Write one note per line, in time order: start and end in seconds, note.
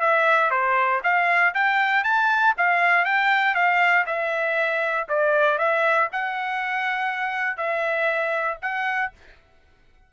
0.00 0.50 E5
0.51 1.01 C5
1.03 1.54 F5
1.54 2.04 G5
2.04 2.54 A5
2.58 3.05 F5
3.05 3.54 G5
3.54 4.05 F5
4.06 5.07 E5
5.08 5.58 D5
5.58 6.09 E5
6.12 7.57 F#5
7.57 8.58 E5
8.62 9.12 F#5